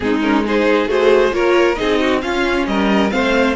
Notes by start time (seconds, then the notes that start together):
0.00 G#3 C4 D#4 G#4
0.21 C#4 A#4
0.44 D#4 G#4 C5
0.86 A3 F#4 G#4 C5
1.31 A#3 F4 A#4 C#5
1.75 C4 D#4 G#4 D#5
1.99 F#4
2.21 C#4 F4 F5
2.66 G3 A#4 D#5
3.10 A3 C4 C5 F5